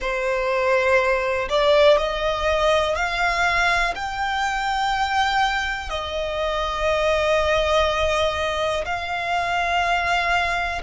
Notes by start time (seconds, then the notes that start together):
0.00 C5
1.49 D5
1.97 D#5
2.95 F5
3.95 G5
5.89 D#5
8.85 F5